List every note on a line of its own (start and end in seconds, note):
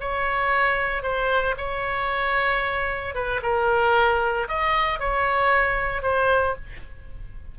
0.00 1.02 C#5
1.02 1.55 C5
1.57 3.14 C#5
3.14 3.41 B4
3.43 4.48 A#4
4.48 4.99 D#5
4.99 6.02 C#5
6.02 6.55 C5